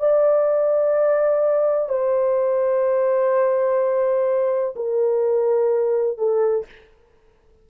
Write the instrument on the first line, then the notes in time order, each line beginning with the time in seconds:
horn
0.00 D5
1.89 C5
4.77 A#4
6.18 A4